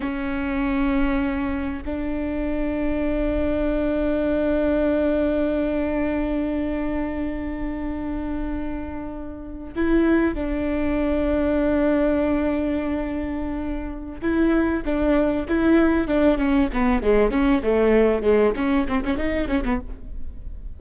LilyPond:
\new Staff \with { instrumentName = "viola" } { \time 4/4 \tempo 4 = 97 cis'2. d'4~ | d'1~ | d'1~ | d'2.~ d'8. e'16~ |
e'8. d'2.~ d'16~ | d'2. e'4 | d'4 e'4 d'8 cis'8 b8 gis8 | cis'8 a4 gis8 cis'8 c'16 cis'16 dis'8 cis'16 b16 | }